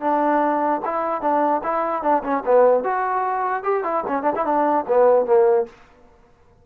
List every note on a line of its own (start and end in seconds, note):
0.00 0.81 D4
0.85 1.21 E4
1.21 1.61 D4
1.63 2.02 E4
2.02 2.22 D4
2.23 2.43 C#4
2.45 2.84 B3
2.84 3.63 F#4
3.63 3.83 G4
3.83 4.04 E4
4.07 4.22 C#4
4.22 4.33 D4
4.35 4.45 E4
4.45 4.85 D4
4.87 5.25 B3
5.25 5.66 A#3